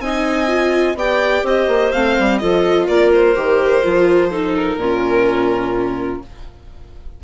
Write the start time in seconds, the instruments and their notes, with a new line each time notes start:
0.00 bassoon C4, viola D#4, clarinet D#5, violin G#5
0.48 viola F4
0.95 bassoon B3, viola G4, clarinet D5, violin G5
1.44 bassoon C4, clarinet C5, violin D#5
1.68 bassoon A#3
1.92 bassoon A3, viola C4, violin F5
2.19 bassoon G3
2.39 bassoon F3, viola F4, clarinet A4, violin D#5
2.87 bassoon A#3, clarinet A#4, violin D5
3.13 violin C5
3.36 bassoon D#3, viola G4
3.83 bassoon F3, viola F4
4.30 viola D#4, clarinet A4
4.56 violin A#4
4.77 bassoon A#2, viola C#4, clarinet F4